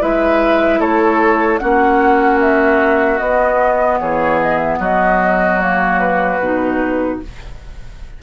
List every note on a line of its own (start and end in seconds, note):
0.00 0.79 G#3
0.00 1.59 E4
0.00 0.79 B4
0.00 0.81 E5
0.79 1.59 A3
0.79 1.59 A4
0.79 1.58 C#5
1.58 3.20 A#3
1.58 3.19 C#4
1.58 4.00 F#4
1.58 2.38 F#5
2.40 3.18 E5
3.18 4.00 B3
3.18 5.60 B3
3.18 3.98 D#5
3.99 4.79 E3
3.99 4.79 G#4
3.99 4.39 C#5
4.41 4.57 D#5
4.57 4.77 E5
4.79 6.39 F#3
4.79 7.19 F#4
4.79 5.60 D#5
5.60 6.40 A#3
5.60 5.99 C#5
5.99 7.19 B4
6.39 7.19 B2
6.39 7.22 D#4